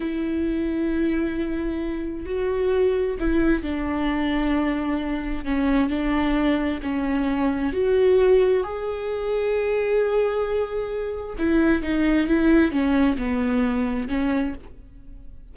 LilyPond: \new Staff \with { instrumentName = "viola" } { \time 4/4 \tempo 4 = 132 e'1~ | e'4 fis'2 e'4 | d'1 | cis'4 d'2 cis'4~ |
cis'4 fis'2 gis'4~ | gis'1~ | gis'4 e'4 dis'4 e'4 | cis'4 b2 cis'4 | }